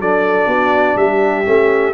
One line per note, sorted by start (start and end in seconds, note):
0.00 0.46 F#3
0.00 1.45 D4
0.00 0.48 A4
0.00 0.97 D5
0.46 0.94 B3
0.46 0.96 F#4
0.95 1.44 G3
0.95 1.93 G4
0.95 1.93 E5
1.45 1.93 A3
1.45 1.93 C#4